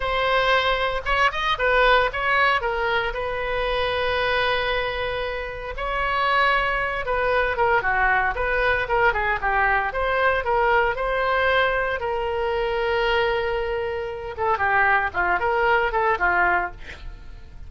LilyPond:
\new Staff \with { instrumentName = "oboe" } { \time 4/4 \tempo 4 = 115 c''2 cis''8 dis''8 b'4 | cis''4 ais'4 b'2~ | b'2. cis''4~ | cis''4. b'4 ais'8 fis'4 |
b'4 ais'8 gis'8 g'4 c''4 | ais'4 c''2 ais'4~ | ais'2.~ ais'8 a'8 | g'4 f'8 ais'4 a'8 f'4 | }